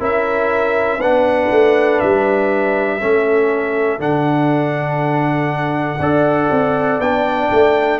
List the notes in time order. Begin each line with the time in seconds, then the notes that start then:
0.00 C#4 E4 A#4 E5
0.98 B3 D4 B4 F#5
1.51 A3
2.00 G3 E5
3.00 A3 C#4 A4
3.99 D3 D4 F#5
5.99 D4 A4 D5
6.51 C4
6.99 B3 D4 G5
7.52 A3